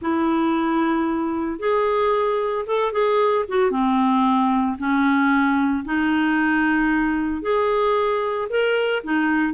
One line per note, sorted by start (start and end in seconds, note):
0.01 1.59 E4
1.59 2.65 G#4
2.66 2.92 A4
2.92 3.45 G#4
3.48 3.70 F#4
3.70 4.77 C4
4.78 5.84 C#4
5.84 7.41 D#4
7.41 8.48 G#4
8.49 9.02 A#4
9.03 9.53 D#4